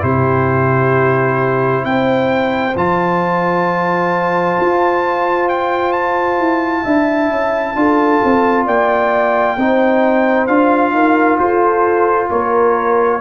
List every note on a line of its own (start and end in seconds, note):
0.00 1.85 C3
0.00 2.73 E4
0.00 1.86 G4
0.00 1.85 C5
1.85 2.76 C4
1.85 6.83 C5
1.85 2.76 G5
2.76 4.58 F3
2.76 6.86 F4
2.76 5.49 A5
4.61 6.39 F4
5.49 5.93 G5
5.93 8.65 A5
6.39 6.85 E4
6.83 7.29 D4
6.83 7.76 E4
6.83 7.74 E5
7.29 7.75 C#4
7.76 8.21 D4
7.76 9.58 F4
7.76 8.66 A4
8.25 8.67 C4
8.66 9.58 A#3
8.66 9.57 D5
8.66 10.47 G5
9.57 10.49 C4
9.57 10.48 D#4
9.57 10.94 C5
10.47 10.92 D4
10.47 13.21 F4
10.47 11.38 F5
10.92 11.38 D#4
10.92 11.40 A#4
11.39 12.30 F4
11.39 12.30 A4
11.39 12.30 C5
12.30 13.21 A#3
12.30 13.20 A#4
12.30 13.21 C#5